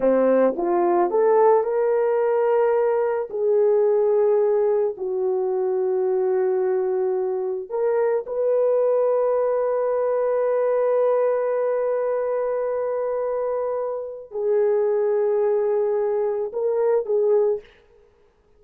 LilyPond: \new Staff \with { instrumentName = "horn" } { \time 4/4 \tempo 4 = 109 c'4 f'4 a'4 ais'4~ | ais'2 gis'2~ | gis'4 fis'2.~ | fis'2 ais'4 b'4~ |
b'1~ | b'1~ | b'2 gis'2~ | gis'2 ais'4 gis'4 | }